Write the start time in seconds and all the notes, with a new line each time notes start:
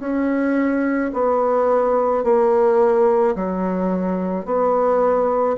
0.00 C#4
1.14 B3
2.24 A#3
3.36 F#3
4.45 B3